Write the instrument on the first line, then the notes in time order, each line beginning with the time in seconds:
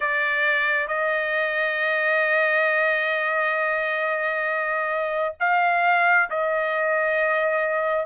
trumpet
0.00 D5
0.87 D#5
5.40 F5
6.29 D#5